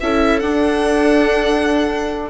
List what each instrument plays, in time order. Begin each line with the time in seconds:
0.00 bassoon C#4, viola E4 A4, violin E5
0.39 bassoon D4, viola D4, violin F#5